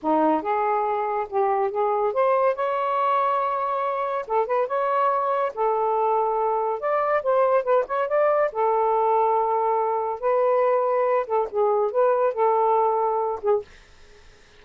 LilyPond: \new Staff \with { instrumentName = "saxophone" } { \time 4/4 \tempo 4 = 141 dis'4 gis'2 g'4 | gis'4 c''4 cis''2~ | cis''2 a'8 b'8 cis''4~ | cis''4 a'2. |
d''4 c''4 b'8 cis''8 d''4 | a'1 | b'2~ b'8 a'8 gis'4 | b'4 a'2~ a'8 gis'8 | }